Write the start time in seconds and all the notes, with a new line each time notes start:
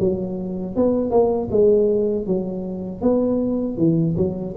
0.00 F#3
0.76 B3
1.11 A#3
1.52 G#3
2.27 F#3
3.02 B3
3.78 E3
4.17 F#3